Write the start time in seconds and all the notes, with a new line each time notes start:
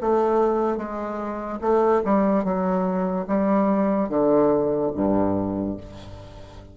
0.00 A3
0.77 G#3
1.61 A3
2.04 G3
2.44 F#3
3.27 G3
4.08 D3
4.94 G2